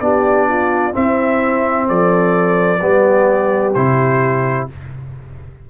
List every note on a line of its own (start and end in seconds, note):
0.00 0.95 B3
0.00 0.92 D4
0.00 0.49 G4
0.00 0.94 D5
0.49 0.93 F4
0.92 2.80 C4
0.92 1.90 C4
0.92 1.87 E4
0.92 1.89 E5
1.88 2.82 F3
1.88 2.81 A4
1.88 3.74 D5
2.81 3.76 G3
2.81 3.75 B3
2.81 4.70 G4
3.74 4.69 C3
3.74 4.70 E4
3.74 4.68 C5